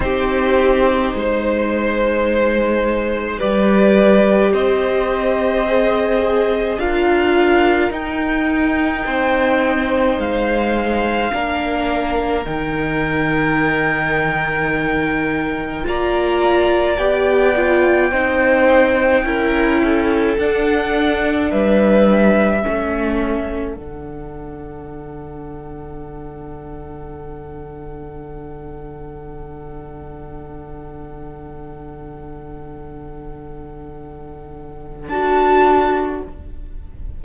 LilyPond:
<<
  \new Staff \with { instrumentName = "violin" } { \time 4/4 \tempo 4 = 53 c''2. d''4 | dis''2 f''4 g''4~ | g''4 f''2 g''4~ | g''2 ais''4 g''4~ |
g''2 fis''4 e''4~ | e''4 fis''2.~ | fis''1~ | fis''2. a''4 | }
  \new Staff \with { instrumentName = "violin" } { \time 4/4 g'4 c''2 b'4 | c''2 ais'2 | c''2 ais'2~ | ais'2 d''2 |
c''4 ais'8 a'4. b'4 | a'1~ | a'1~ | a'1 | }
  \new Staff \with { instrumentName = "viola" } { \time 4/4 dis'2. g'4~ | g'4 gis'4 f'4 dis'4~ | dis'2 d'4 dis'4~ | dis'2 f'4 g'8 f'8 |
dis'4 e'4 d'2 | cis'4 d'2.~ | d'1~ | d'2. fis'4 | }
  \new Staff \with { instrumentName = "cello" } { \time 4/4 c'4 gis2 g4 | c'2 d'4 dis'4 | c'4 gis4 ais4 dis4~ | dis2 ais4 b4 |
c'4 cis'4 d'4 g4 | a4 d2.~ | d1~ | d2. d'4 | }
>>